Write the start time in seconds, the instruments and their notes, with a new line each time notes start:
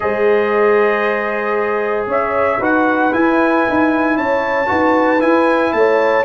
0.00 tuba G#3, trombone G#4, horn C5, trumpet D#5
2.06 tuba C#4, horn C#5, trumpet E5
2.59 tuba D#4, trombone F#4, horn B4, trumpet F#5
3.12 trombone E4, tuba E4, trumpet G#5
3.69 tuba D#4
4.16 tuba C#4, horn C#5, trumpet A5
4.66 tuba D#4, trombone F#4, horn B4
5.19 trombone E4, tuba E4, trumpet G#5
5.72 tuba A3, horn C#5, trumpet A5